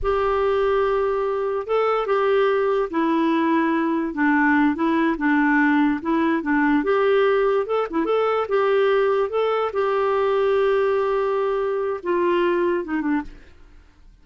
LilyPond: \new Staff \with { instrumentName = "clarinet" } { \time 4/4 \tempo 4 = 145 g'1 | a'4 g'2 e'4~ | e'2 d'4. e'8~ | e'8 d'2 e'4 d'8~ |
d'8 g'2 a'8 e'8 a'8~ | a'8 g'2 a'4 g'8~ | g'1~ | g'4 f'2 dis'8 d'8 | }